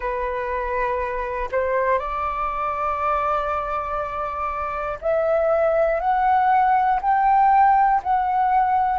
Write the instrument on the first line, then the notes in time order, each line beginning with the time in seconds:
flute
0.00 B4
1.51 C5
1.98 D5
5.01 E5
6.00 F#5
7.01 G5
8.03 F#5